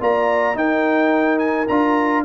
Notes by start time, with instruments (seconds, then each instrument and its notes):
0.00 tuba A#3, trombone F4, horn D5, trumpet A#5
0.54 trombone D#4, tuba D#4, horn A#4, trumpet G5
1.38 trumpet G#5
1.68 tuba D4, trombone F4, trumpet A#5